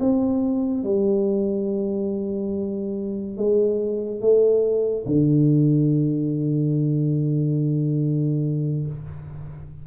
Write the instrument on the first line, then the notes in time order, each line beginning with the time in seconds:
tuba
0.00 C4
0.83 G3
3.37 G#3
4.21 A3
5.06 D3